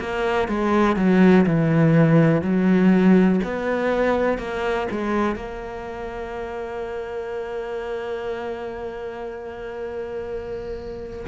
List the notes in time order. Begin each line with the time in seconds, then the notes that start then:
0.00 A#3
0.48 G#3
0.97 F#3
1.46 E3
2.42 F#3
3.44 B3
4.39 A#3
4.91 G#3
5.36 A#3